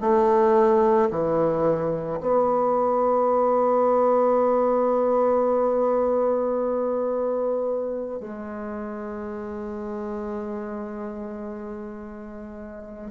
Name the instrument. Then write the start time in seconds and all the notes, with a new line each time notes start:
bassoon
0.00 A3
1.10 E3
2.20 B3
8.20 G#3